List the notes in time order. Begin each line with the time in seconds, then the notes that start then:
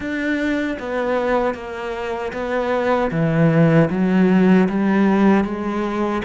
0.00 D4
0.79 B3
1.54 A#3
2.32 B3
3.11 E3
3.90 F#3
4.68 G3
5.44 G#3